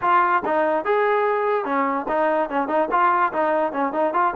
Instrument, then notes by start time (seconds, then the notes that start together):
trombone
0.01 F4
0.45 D#4
0.84 G#4
1.64 C#4
2.08 D#4
2.49 C#4
2.67 D#4
2.91 F4
3.32 D#4
3.72 C#4
3.92 D#4
4.13 F4